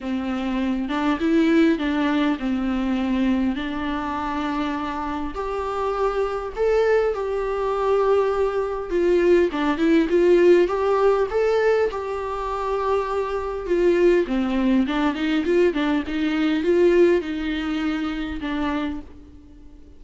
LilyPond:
\new Staff \with { instrumentName = "viola" } { \time 4/4 \tempo 4 = 101 c'4. d'8 e'4 d'4 | c'2 d'2~ | d'4 g'2 a'4 | g'2. f'4 |
d'8 e'8 f'4 g'4 a'4 | g'2. f'4 | c'4 d'8 dis'8 f'8 d'8 dis'4 | f'4 dis'2 d'4 | }